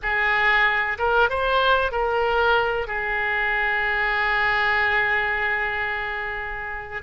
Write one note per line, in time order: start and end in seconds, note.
0.02 0.98 G#4
0.98 1.29 A#4
1.29 1.91 C5
1.91 2.87 A#4
2.87 7.02 G#4